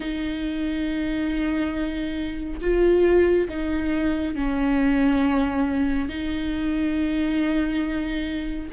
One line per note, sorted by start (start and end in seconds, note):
0.00 2.60 D#4
2.61 3.48 F4
3.48 4.35 D#4
4.35 6.08 C#4
6.08 8.69 D#4